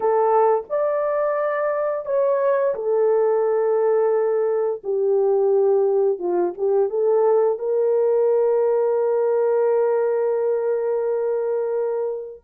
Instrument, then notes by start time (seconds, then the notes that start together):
horn
0.00 A4
0.69 D5
2.05 C#5
2.74 A4
4.83 G4
6.18 F4
6.57 G4
6.89 A4
7.59 A#4